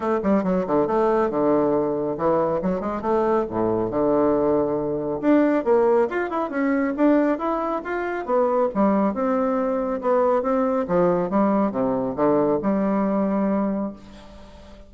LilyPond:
\new Staff \with { instrumentName = "bassoon" } { \time 4/4 \tempo 4 = 138 a8 g8 fis8 d8 a4 d4~ | d4 e4 fis8 gis8 a4 | a,4 d2. | d'4 ais4 f'8 e'8 cis'4 |
d'4 e'4 f'4 b4 | g4 c'2 b4 | c'4 f4 g4 c4 | d4 g2. | }